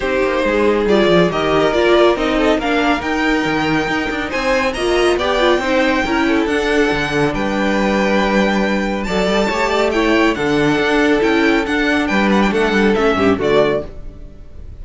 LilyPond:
<<
  \new Staff \with { instrumentName = "violin" } { \time 4/4 \tempo 4 = 139 c''2 d''4 dis''4 | d''4 dis''4 f''4 g''4~ | g''2 gis''4 ais''4 | g''2. fis''4~ |
fis''4 g''2.~ | g''4 a''2 g''4 | fis''2 g''4 fis''4 | g''8 fis''16 g''16 fis''4 e''4 d''4 | }
  \new Staff \with { instrumentName = "violin" } { \time 4/4 g'4 gis'2 ais'4~ | ais'4. a'8 ais'2~ | ais'2 c''4 dis''4 | d''4 c''4 ais'8 a'4.~ |
a'4 b'2.~ | b'4 d''4 cis''8 d''8 cis''4 | a'1 | b'4 a'4. g'8 fis'4 | }
  \new Staff \with { instrumentName = "viola" } { \time 4/4 dis'2 f'4 g'4 | f'4 dis'4 d'4 dis'4~ | dis'2. f'4 | g'8 f'8 dis'4 e'4 d'4~ |
d'1~ | d'4 a'4 g'4 e'4 | d'2 e'4 d'4~ | d'2 cis'4 a4 | }
  \new Staff \with { instrumentName = "cello" } { \time 4/4 c'8 ais8 gis4 g8 f8 dis4 | ais4 c'4 ais4 dis'4 | dis4 dis'8 d'8 c'4 ais4 | b4 c'4 cis'4 d'4 |
d4 g2.~ | g4 fis8 g8 a2 | d4 d'4 cis'4 d'4 | g4 a8 g8 a8 g,8 d4 | }
>>